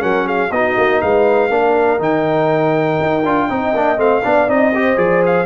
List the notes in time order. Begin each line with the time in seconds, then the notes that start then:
0.00 F#3 C#4 A#4 F#5
0.26 G#4 F5
0.51 B3 D#4 F#4 D#5
0.77 A#3
1.02 G#3 B4 F5
1.50 A#3 D4 A#4
1.99 D#3 D#4 G5
3.01 D#4
3.24 D4 F4
3.49 C4 D#4 D#5
3.74 A#3 D4
3.97 A3 C4 F5
4.24 B3 D4 D5
4.48 C4 D#4 D#5
4.74 G4 C5
4.96 F3 G#4 D5
5.26 F5